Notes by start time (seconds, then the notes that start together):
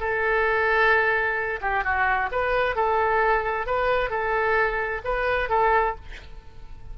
0.00 A4
1.62 G4
1.84 F#4
2.32 B4
2.76 A4
3.67 B4
4.10 A4
5.05 B4
5.49 A4